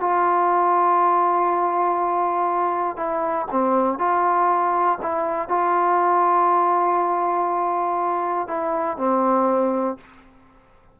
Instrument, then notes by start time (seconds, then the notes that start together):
trombone
0.00 F4
2.97 E4
3.51 C4
3.99 F4
5.02 E4
5.48 F4
8.48 E4
8.97 C4